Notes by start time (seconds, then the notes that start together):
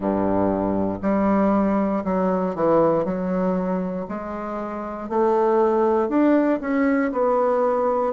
0.00 G2
1.02 G3
2.04 F#3
2.55 E3
3.04 F#3
4.08 G#3
5.08 A3
6.08 D4
6.61 C#4
7.12 B3